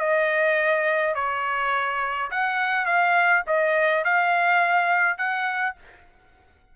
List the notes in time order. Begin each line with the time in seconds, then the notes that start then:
0.00 D#5
1.15 C#5
2.31 F#5
2.86 F5
3.47 D#5
4.05 F5
5.18 F#5